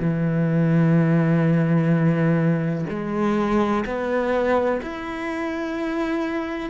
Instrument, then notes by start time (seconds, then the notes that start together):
cello
0.00 E3
2.90 G#3
3.86 B3
4.83 E4